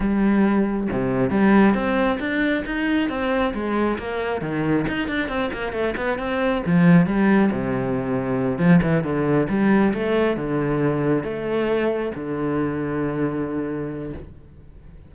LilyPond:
\new Staff \with { instrumentName = "cello" } { \time 4/4 \tempo 4 = 136 g2 c4 g4 | c'4 d'4 dis'4 c'4 | gis4 ais4 dis4 dis'8 d'8 | c'8 ais8 a8 b8 c'4 f4 |
g4 c2~ c8 f8 | e8 d4 g4 a4 d8~ | d4. a2 d8~ | d1 | }